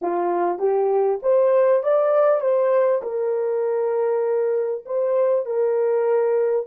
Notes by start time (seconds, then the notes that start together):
0.01 F4
0.59 G4
1.22 C5
1.83 D5
2.40 C5
3.02 A#4
4.85 C5
5.45 A#4